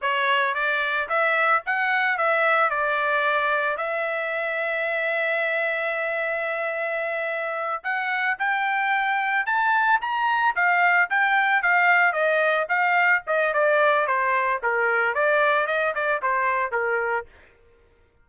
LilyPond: \new Staff \with { instrumentName = "trumpet" } { \time 4/4 \tempo 4 = 111 cis''4 d''4 e''4 fis''4 | e''4 d''2 e''4~ | e''1~ | e''2~ e''8 fis''4 g''8~ |
g''4. a''4 ais''4 f''8~ | f''8 g''4 f''4 dis''4 f''8~ | f''8 dis''8 d''4 c''4 ais'4 | d''4 dis''8 d''8 c''4 ais'4 | }